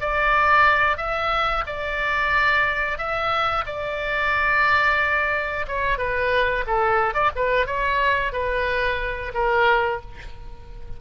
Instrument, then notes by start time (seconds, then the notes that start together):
oboe
0.00 D5
0.97 E5
1.66 D5
2.98 E5
3.66 D5
5.68 C#5
5.98 B4
6.66 A4
7.14 D5
7.35 B4
7.66 C#5
8.32 B4
9.34 A#4